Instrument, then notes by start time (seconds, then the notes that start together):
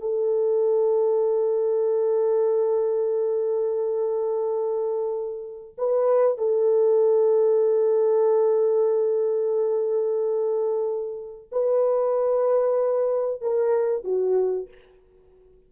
horn
0.00 A4
5.78 B4
6.37 A4
11.52 B4
13.41 A#4
14.04 F#4